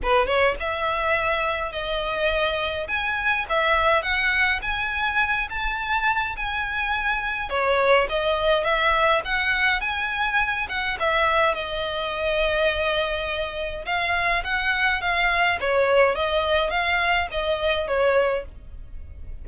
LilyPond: \new Staff \with { instrumentName = "violin" } { \time 4/4 \tempo 4 = 104 b'8 cis''8 e''2 dis''4~ | dis''4 gis''4 e''4 fis''4 | gis''4. a''4. gis''4~ | gis''4 cis''4 dis''4 e''4 |
fis''4 gis''4. fis''8 e''4 | dis''1 | f''4 fis''4 f''4 cis''4 | dis''4 f''4 dis''4 cis''4 | }